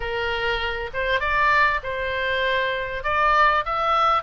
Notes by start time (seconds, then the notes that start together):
0.00 A#4
0.93 C5
1.20 D5
1.83 C5
3.03 D5
3.65 E5